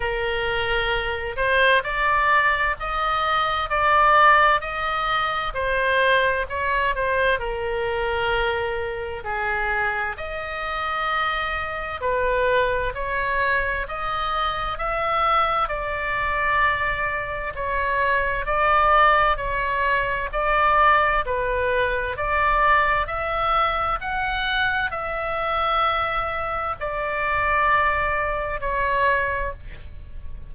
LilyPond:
\new Staff \with { instrumentName = "oboe" } { \time 4/4 \tempo 4 = 65 ais'4. c''8 d''4 dis''4 | d''4 dis''4 c''4 cis''8 c''8 | ais'2 gis'4 dis''4~ | dis''4 b'4 cis''4 dis''4 |
e''4 d''2 cis''4 | d''4 cis''4 d''4 b'4 | d''4 e''4 fis''4 e''4~ | e''4 d''2 cis''4 | }